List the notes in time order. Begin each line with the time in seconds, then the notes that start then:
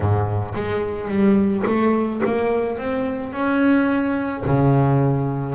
0.00 G#2
0.54 G#3
1.08 G3
1.66 A3
2.25 A#3
2.78 C4
3.33 C#4
4.46 C#3